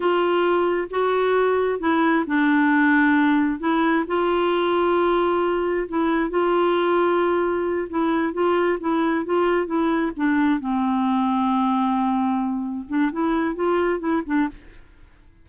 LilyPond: \new Staff \with { instrumentName = "clarinet" } { \time 4/4 \tempo 4 = 133 f'2 fis'2 | e'4 d'2. | e'4 f'2.~ | f'4 e'4 f'2~ |
f'4. e'4 f'4 e'8~ | e'8 f'4 e'4 d'4 c'8~ | c'1~ | c'8 d'8 e'4 f'4 e'8 d'8 | }